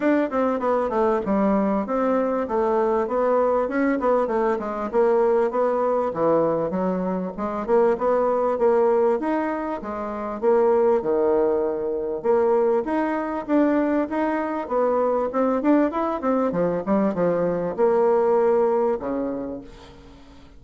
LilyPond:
\new Staff \with { instrumentName = "bassoon" } { \time 4/4 \tempo 4 = 98 d'8 c'8 b8 a8 g4 c'4 | a4 b4 cis'8 b8 a8 gis8 | ais4 b4 e4 fis4 | gis8 ais8 b4 ais4 dis'4 |
gis4 ais4 dis2 | ais4 dis'4 d'4 dis'4 | b4 c'8 d'8 e'8 c'8 f8 g8 | f4 ais2 cis4 | }